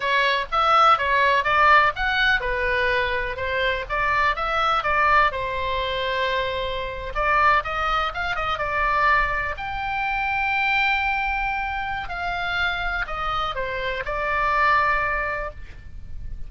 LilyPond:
\new Staff \with { instrumentName = "oboe" } { \time 4/4 \tempo 4 = 124 cis''4 e''4 cis''4 d''4 | fis''4 b'2 c''4 | d''4 e''4 d''4 c''4~ | c''2~ c''8. d''4 dis''16~ |
dis''8. f''8 dis''8 d''2 g''16~ | g''1~ | g''4 f''2 dis''4 | c''4 d''2. | }